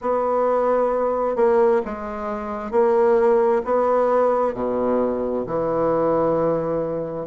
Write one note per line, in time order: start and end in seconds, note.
0.01 1.36 B3
1.36 1.81 A#3
1.85 2.71 G#3
2.71 3.62 A#3
3.64 4.54 B3
4.54 5.45 B2
5.46 7.26 E3